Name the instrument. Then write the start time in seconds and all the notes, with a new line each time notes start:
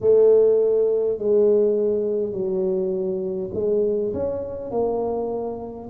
tuba
0.01 A3
1.18 G#3
2.32 F#3
3.53 G#3
4.13 C#4
4.71 A#3